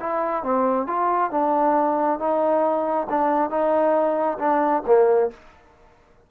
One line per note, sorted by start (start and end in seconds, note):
0.00 0.43 E4
0.43 0.87 C4
0.87 1.31 F4
1.31 2.19 D4
2.19 3.07 D#4
3.10 3.50 D4
3.50 4.38 D#4
4.39 4.83 D4
4.86 5.30 A#3